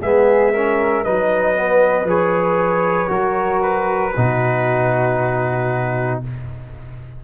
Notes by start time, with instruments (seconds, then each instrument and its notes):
0.00 tuba G#3, trombone B3, flute G#4, trumpet E5
0.53 trombone C#4, flute A#4
1.04 tuba F#3, trombone D#4, flute B4, trumpet D#5
1.55 trombone B3
2.05 tuba F3, trombone G#4, trumpet C#5
3.08 tuba F#3, trombone F#4, flute A#4
3.62 trumpet B4
4.15 tuba B2, trombone D#4, flute F#4